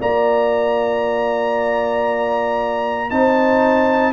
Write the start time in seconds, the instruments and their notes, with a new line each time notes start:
0.00 tuba A#3, trombone F4, horn D5, trumpet A#5
3.10 tuba C4, trombone D#4, horn C5, trumpet A5